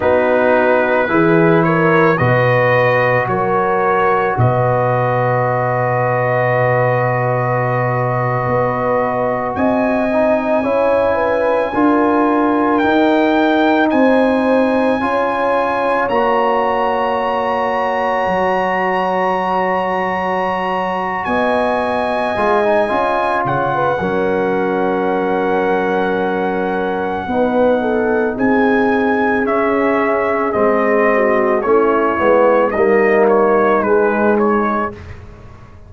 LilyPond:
<<
  \new Staff \with { instrumentName = "trumpet" } { \time 4/4 \tempo 4 = 55 b'4. cis''8 dis''4 cis''4 | dis''1~ | dis''8. gis''2. g''16~ | g''8. gis''2 ais''4~ ais''16~ |
ais''2.~ ais''8 gis''8~ | gis''4. fis''2~ fis''8~ | fis''2 gis''4 e''4 | dis''4 cis''4 dis''8 cis''8 b'8 cis''8 | }
  \new Staff \with { instrumentName = "horn" } { \time 4/4 fis'4 gis'8 ais'8 b'4 ais'4 | b'1~ | b'8. dis''4 cis''8 b'8 ais'4~ ais'16~ | ais'8. c''4 cis''2~ cis''16~ |
cis''2.~ cis''8 dis''8~ | dis''4. cis''16 b'16 ais'2~ | ais'4 b'8 a'8 gis'2~ | gis'8 fis'8 e'4 dis'2 | }
  \new Staff \with { instrumentName = "trombone" } { \time 4/4 dis'4 e'4 fis'2~ | fis'1~ | fis'4~ fis'16 dis'8 e'4 f'4 dis'16~ | dis'4.~ dis'16 f'4 fis'4~ fis'16~ |
fis'1~ | fis'8 f'16 dis'16 f'4 cis'2~ | cis'4 dis'2 cis'4 | c'4 cis'8 b8 ais4 gis4 | }
  \new Staff \with { instrumentName = "tuba" } { \time 4/4 b4 e4 b,4 fis4 | b,2.~ b,8. b16~ | b8. c'4 cis'4 d'4 dis'16~ | dis'8. c'4 cis'4 ais4~ ais16~ |
ais8. fis2~ fis8. b8~ | b8 gis8 cis'8 cis8 fis2~ | fis4 b4 c'4 cis'4 | gis4 a8 gis8 g4 gis4 | }
>>